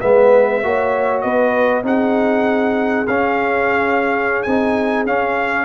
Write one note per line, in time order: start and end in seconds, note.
0.00 0.63 G#3
0.00 0.63 B3
0.00 0.61 B4
0.00 1.21 E5
0.63 1.24 A#3
0.63 1.83 F#4
0.63 1.24 C#5
1.21 1.83 B3
1.21 1.86 B4
1.21 1.82 D#5
1.83 3.06 C4
1.83 3.06 D#4
1.83 5.65 G#4
1.83 3.07 F#5
3.07 4.45 C#4
3.07 4.47 C#4
3.07 4.43 F5
4.43 5.06 C4
4.43 5.07 D#4
4.43 5.04 G#5
5.06 5.65 C#4
5.06 5.65 F5